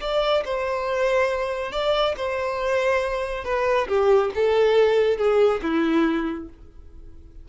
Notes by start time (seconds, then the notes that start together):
0.00 D5
0.44 C5
1.72 D5
2.16 C5
3.44 B4
3.88 G4
4.34 A4
5.17 G#4
5.62 E4